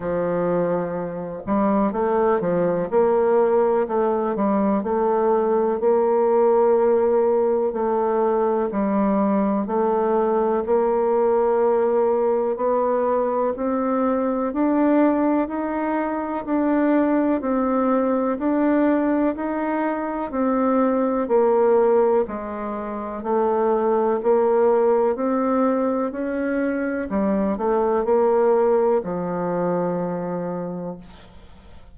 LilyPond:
\new Staff \with { instrumentName = "bassoon" } { \time 4/4 \tempo 4 = 62 f4. g8 a8 f8 ais4 | a8 g8 a4 ais2 | a4 g4 a4 ais4~ | ais4 b4 c'4 d'4 |
dis'4 d'4 c'4 d'4 | dis'4 c'4 ais4 gis4 | a4 ais4 c'4 cis'4 | g8 a8 ais4 f2 | }